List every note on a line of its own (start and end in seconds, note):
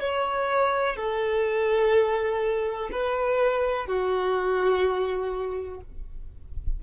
0.00 0.96 C#5
0.96 2.89 A4
2.92 3.86 B4
3.86 5.80 F#4